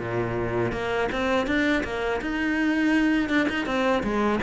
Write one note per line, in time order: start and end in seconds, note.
0.00 0.72 A#2
0.72 1.09 A#3
1.12 1.47 C4
1.47 1.84 D4
1.84 2.21 A#3
2.22 3.30 D#4
3.30 3.48 D4
3.49 3.67 D#4
3.67 4.03 C4
4.03 4.40 G#3